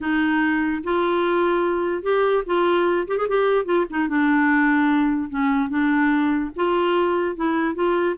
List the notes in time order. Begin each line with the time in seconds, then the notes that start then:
0.01 D#4
0.83 F4
2.02 G4
2.46 F4
3.07 G4
3.17 G#4
3.28 G4
3.65 F4
3.90 D#4
4.08 D4
5.29 C#4
5.69 D4
6.56 F4
7.36 E4
7.75 F4